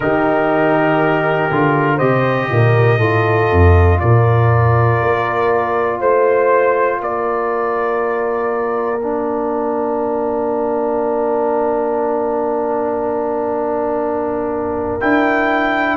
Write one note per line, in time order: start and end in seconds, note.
0.00 1.47 D#3
0.00 1.50 D#4
0.00 1.96 G4
0.00 1.98 A#4
1.50 2.00 D3
1.50 1.99 F4
1.96 2.50 C3
1.96 2.99 G4
1.96 2.46 C5
1.96 3.98 D#5
2.50 2.99 A#2
2.50 2.98 A#4
2.98 3.49 A2
2.98 8.99 F4
2.98 3.98 A4
3.51 4.01 F2
3.99 5.01 A#2
3.99 5.99 A#4
3.99 5.99 D5
5.01 6.00 A#3
5.99 7.00 A3
5.99 6.99 C5
5.99 7.00 C5
7.00 15.00 A#3
7.00 15.96 A#4
7.00 9.01 D5
9.01 15.00 D4
9.01 15.00 F5
15.00 15.96 D4
15.00 15.96 E4
15.00 15.96 G5